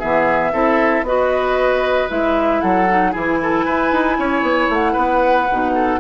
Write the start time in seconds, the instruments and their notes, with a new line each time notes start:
0.00 bassoon E3, clarinet B3, oboe G#4, flute E5
0.53 bassoon C4, clarinet E4, oboe A4
1.03 bassoon B3, clarinet F#4, oboe B4, flute D#5
2.09 bassoon G#3, clarinet E4, flute E5
2.61 bassoon F#3, oboe A4, flute F#5
2.90 clarinet D#4
3.12 bassoon E3, clarinet E4, oboe G#4
3.18 flute G#5
3.43 oboe A4
3.66 bassoon E4, oboe B4
3.92 bassoon D#4
4.19 bassoon C#4, oboe C#5
4.42 bassoon B3
4.69 bassoon A3, flute F#5
4.93 bassoon B3, oboe B4
5.52 bassoon B2, clarinet D#4
5.75 oboe A4